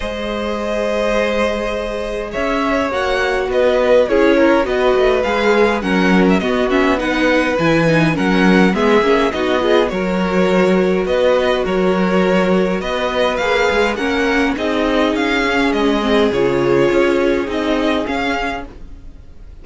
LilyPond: <<
  \new Staff \with { instrumentName = "violin" } { \time 4/4 \tempo 4 = 103 dis''1 | e''4 fis''4 dis''4 cis''4 | dis''4 f''4 fis''8. e''16 dis''8 e''8 | fis''4 gis''4 fis''4 e''4 |
dis''4 cis''2 dis''4 | cis''2 dis''4 f''4 | fis''4 dis''4 f''4 dis''4 | cis''2 dis''4 f''4 | }
  \new Staff \with { instrumentName = "violin" } { \time 4/4 c''1 | cis''2 b'4 gis'8 ais'8 | b'2 ais'4 fis'4 | b'2 ais'4 gis'4 |
fis'8 gis'8 ais'2 b'4 | ais'2 b'2 | ais'4 gis'2.~ | gis'1 | }
  \new Staff \with { instrumentName = "viola" } { \time 4/4 gis'1~ | gis'4 fis'2 e'4 | fis'4 gis'4 cis'4 b8 cis'8 | dis'4 e'8 dis'8 cis'4 b8 cis'8 |
dis'8 f'8 fis'2.~ | fis'2. gis'4 | cis'4 dis'4. cis'4 c'8 | f'2 dis'4 cis'4 | }
  \new Staff \with { instrumentName = "cello" } { \time 4/4 gis1 | cis'4 ais4 b4 cis'4 | b8 a8 gis4 fis4 b4~ | b4 e4 fis4 gis8 ais8 |
b4 fis2 b4 | fis2 b4 ais8 gis8 | ais4 c'4 cis'4 gis4 | cis4 cis'4 c'4 cis'4 | }
>>